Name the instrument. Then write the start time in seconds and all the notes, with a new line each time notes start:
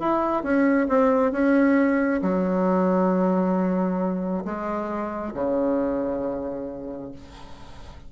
bassoon
0.00 E4
0.43 C#4
0.89 C4
1.33 C#4
2.22 F#3
4.45 G#3
5.34 C#3